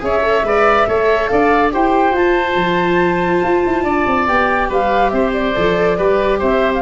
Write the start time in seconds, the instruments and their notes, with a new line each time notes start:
0.00 tuba C#4, viola G#4, oboe C#5, flute E5
0.22 viola A4
0.43 tuba G#3, viola B4, oboe D5
0.87 tuba A3, viola A4, oboe C#5
1.27 tuba D4, oboe D5, flute F5
1.71 tuba E4, viola G4, oboe C5, flute G5
2.11 tuba F4, viola F4, flute A5
2.56 tuba F3
3.43 tuba F4
3.66 tuba E4
3.83 tuba D4, oboe D5
4.07 tuba C4
4.27 tuba B3, viola G4, flute G5
4.69 tuba G3, oboe B4, flute F5
5.09 tuba C4, oboe C5, flute E5
5.33 flute D5
5.55 tuba F3, viola A4
5.98 tuba G3, viola G4, oboe B4
6.39 tuba C4, oboe C5, flute E5
6.74 flute F5